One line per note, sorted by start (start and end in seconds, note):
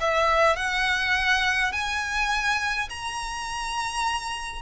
0.00 0.56 E5
0.56 1.72 F#5
1.72 2.88 G#5
2.89 4.62 A#5